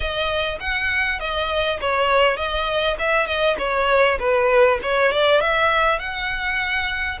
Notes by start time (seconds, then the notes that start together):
0.00 D#5
0.59 F#5
1.19 D#5
1.80 C#5
2.36 D#5
2.98 E5
3.26 D#5
3.58 C#5
4.19 B4
4.82 C#5
5.12 D5
5.40 E5
5.99 F#5